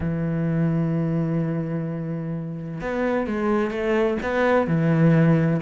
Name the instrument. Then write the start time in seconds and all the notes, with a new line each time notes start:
cello
0.00 E3
2.80 B3
3.26 G#3
3.70 A3
4.22 B3
4.67 E3